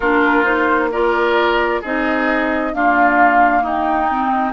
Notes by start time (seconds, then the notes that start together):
0.00 A#3 D4 F4 A#4
0.44 D#4 C5
0.92 F4 A#4 D5
1.81 C4 D#4 G#4 D#5
2.73 A#3 D4 F4 F5
3.62 D#4 G5
4.09 C4